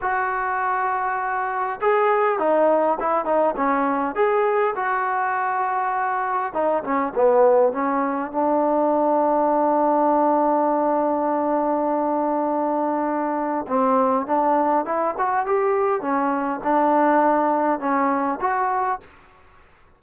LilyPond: \new Staff \with { instrumentName = "trombone" } { \time 4/4 \tempo 4 = 101 fis'2. gis'4 | dis'4 e'8 dis'8 cis'4 gis'4 | fis'2. dis'8 cis'8 | b4 cis'4 d'2~ |
d'1~ | d'2. c'4 | d'4 e'8 fis'8 g'4 cis'4 | d'2 cis'4 fis'4 | }